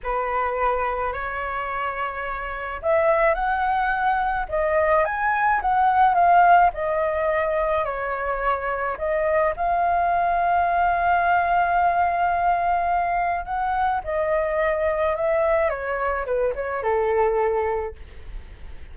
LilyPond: \new Staff \with { instrumentName = "flute" } { \time 4/4 \tempo 4 = 107 b'2 cis''2~ | cis''4 e''4 fis''2 | dis''4 gis''4 fis''4 f''4 | dis''2 cis''2 |
dis''4 f''2.~ | f''1 | fis''4 dis''2 e''4 | cis''4 b'8 cis''8 a'2 | }